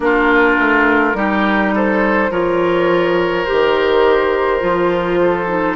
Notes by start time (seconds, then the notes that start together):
0.00 A#3 D4 F4 A#4
0.59 A3
1.14 G3 D#4 G4
1.74 A4 C5
2.30 F3 F4 A#4 C#5
3.45 D#3 G4 C5
4.60 F3 F4
5.21 A4
5.47 D#4